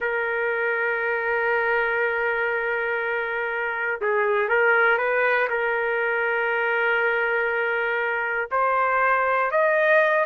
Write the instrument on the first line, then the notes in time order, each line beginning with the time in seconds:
trumpet
0.00 A#4
4.01 G#4
4.48 A#4
4.98 B4
5.49 A#4
8.51 C5
9.51 D#5